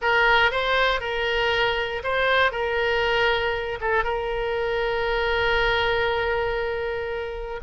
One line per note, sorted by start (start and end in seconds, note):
0.01 0.51 A#4
0.51 1.00 C5
1.00 2.02 A#4
2.03 2.51 C5
2.51 3.78 A#4
3.80 4.04 A4
4.04 7.60 A#4